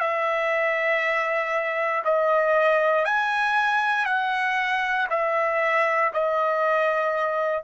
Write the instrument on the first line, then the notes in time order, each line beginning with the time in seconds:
trumpet
0.00 E5
2.05 D#5
3.06 G#5
4.06 F#5
5.10 E5
6.13 D#5